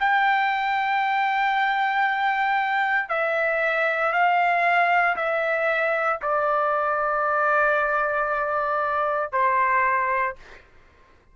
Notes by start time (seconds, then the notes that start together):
0.00 G5
3.09 E5
4.13 F5
5.17 E5
6.22 D5
9.32 C5